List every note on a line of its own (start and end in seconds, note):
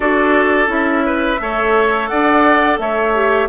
0.00 0.67 D4
0.00 0.67 F#4
0.00 1.04 A4
0.00 0.69 D5
0.67 1.37 C#4
0.67 1.36 E4
0.67 2.07 E5
1.05 1.40 B4
1.40 2.10 A3
1.40 3.14 A4
1.40 2.10 C#5
2.07 2.78 D4
2.07 2.79 D5
2.07 2.77 F#5
2.78 3.48 A3
2.78 3.48 C#5
2.78 3.48 E5
3.14 3.48 G4